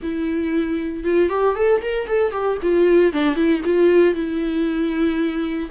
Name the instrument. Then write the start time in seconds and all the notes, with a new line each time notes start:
viola
0.02 E4
1.03 F4
1.29 G4
1.55 A4
1.81 A#4
2.07 A4
2.31 G4
2.62 F4
3.12 D4
3.35 E4
3.64 F4
4.14 E4